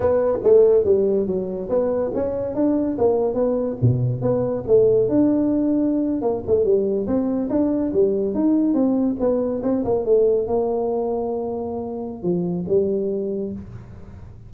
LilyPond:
\new Staff \with { instrumentName = "tuba" } { \time 4/4 \tempo 4 = 142 b4 a4 g4 fis4 | b4 cis'4 d'4 ais4 | b4 b,4 b4 a4 | d'2~ d'8. ais8 a8 g16~ |
g8. c'4 d'4 g4 dis'16~ | dis'8. c'4 b4 c'8 ais8 a16~ | a8. ais2.~ ais16~ | ais4 f4 g2 | }